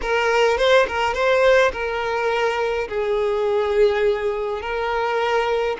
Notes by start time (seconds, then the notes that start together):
0.01 A#4
0.57 C5
0.87 A#4
1.14 C5
1.72 A#4
2.88 G#4
4.61 A#4